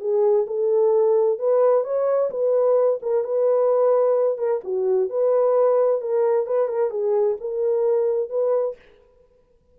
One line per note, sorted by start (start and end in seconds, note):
0.00 0.46 G#4
0.47 1.39 A4
1.39 1.84 B4
1.84 2.30 C#5
2.31 3.00 B4
3.02 3.24 A#4
3.24 4.38 B4
4.38 4.61 A#4
4.64 5.10 F#4
5.10 6.01 B4
6.01 6.47 A#4
6.47 6.68 B4
6.68 6.91 A#4
6.91 7.37 G#4
7.41 8.30 A#4
8.30 8.76 B4